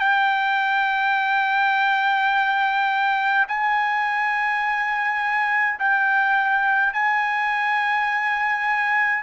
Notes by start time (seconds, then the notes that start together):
0.00 G5
3.48 G#5
5.80 G5
6.93 G#5